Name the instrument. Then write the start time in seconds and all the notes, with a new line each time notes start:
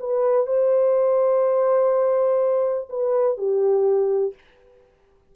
horn
0.00 B4
0.47 C5
2.90 B4
3.38 G4